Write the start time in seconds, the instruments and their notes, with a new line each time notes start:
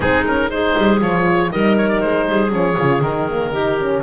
0.00 double bass G#3, horn C4, clarinet D#4, oboe G#4
0.25 horn C#4, oboe A#4
0.49 horn D#4, clarinet G#4, oboe C5
0.77 double bass G3
1.00 double bass F3, horn F4, oboe C#5
1.49 double bass G3, horn D#4, clarinet A#4, oboe D#5
1.77 oboe C#5
1.88 oboe D5
2.00 double bass G#3, oboe C5
2.27 double bass G3, clarinet G#4
2.49 double bass F3, horn C#4, oboe C#5
2.78 double bass C#3, horn F4
3.00 double bass D#3, horn D#4, oboe A#4
3.28 horn A#3
3.52 horn D#4, clarinet G4
3.78 horn C#4